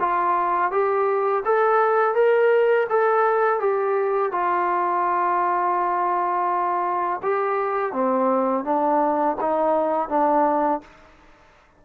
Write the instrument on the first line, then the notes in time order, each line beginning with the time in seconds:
trombone
0.00 F4
0.71 G4
1.45 A4
2.15 A#4
2.89 A4
3.60 G4
4.32 F4
7.23 G4
7.93 C4
8.64 D4
9.40 D#4
10.09 D4